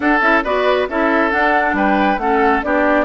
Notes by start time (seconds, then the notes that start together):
0.00 D4 A4 F#5
0.20 C#4 E4 E5
0.44 B3 F#4 B4 D5
0.88 C#4 E4 A4 E5
1.31 D4 F#5
1.73 G3 B4 G5
2.17 A3 C#4 A4 F#5
2.62 B3 D4 G4 D5